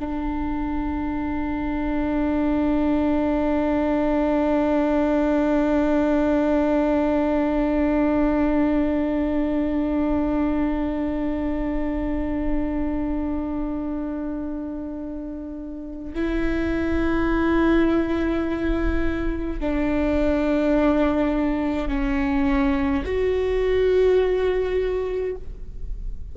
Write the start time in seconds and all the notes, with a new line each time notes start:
0.00 D4
16.14 E4
19.60 D4
21.88 C#4
23.05 F#4